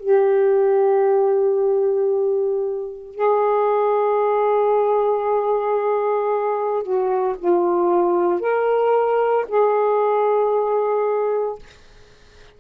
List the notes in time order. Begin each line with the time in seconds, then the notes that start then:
0.00 G4
3.15 G#4
6.83 F#4
7.39 F4
8.40 A#4
9.48 G#4